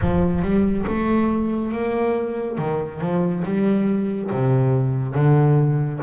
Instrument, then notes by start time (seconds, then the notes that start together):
double bass
0.01 F3
0.41 G3
0.86 A3
1.72 A#3
2.58 D#3
3.00 F3
3.44 G3
4.31 C3
5.14 D3